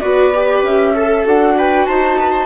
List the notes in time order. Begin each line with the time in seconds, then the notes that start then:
0.00 B3 F#4 B4 D5
0.34 G4
0.62 C#4 E5
0.94 A4
1.24 D4 F#4 F#5
1.58 B4 G5
1.85 D#4 C5 A5
2.19 B4
2.31 C5